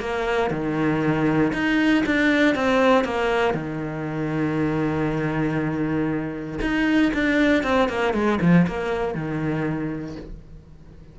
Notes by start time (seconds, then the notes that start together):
0.00 A#3
0.51 D#3
1.53 D#4
2.06 D4
2.55 C4
3.05 A#3
3.54 D#3
6.61 D#4
7.14 D4
7.63 C4
7.89 A#3
8.14 G#3
8.41 F3
8.67 A#3
9.14 D#3